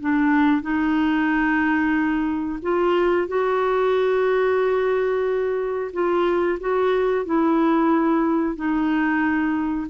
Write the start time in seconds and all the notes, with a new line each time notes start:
0.00 D4
0.61 D#4
2.62 F4
3.28 F#4
5.93 F4
6.60 F#4
7.25 E4
8.55 D#4